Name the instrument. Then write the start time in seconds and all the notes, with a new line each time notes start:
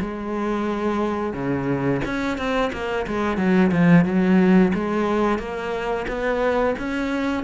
cello
0.00 G#3
1.33 C#3
2.05 C#4
2.37 C4
2.72 A#3
3.07 G#3
3.37 F#3
3.71 F3
4.04 F#3
4.74 G#3
5.38 A#3
6.07 B3
6.78 C#4